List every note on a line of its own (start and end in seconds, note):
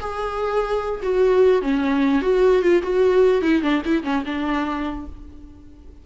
0.00 1.01 G#4
1.03 1.62 F#4
1.62 2.22 C#4
2.22 2.62 F#4
2.62 2.82 F4
2.83 3.42 F#4
3.42 3.62 E4
3.62 3.82 D4
3.85 4.03 E4
4.03 4.24 C#4
4.25 5.06 D4